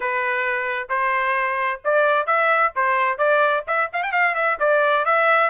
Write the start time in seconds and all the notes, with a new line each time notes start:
0.00 B4
0.89 C5
1.84 D5
2.26 E5
2.75 C5
3.18 D5
3.67 E5
3.92 F5
4.03 G5
4.12 F5
4.34 E5
4.59 D5
5.05 E5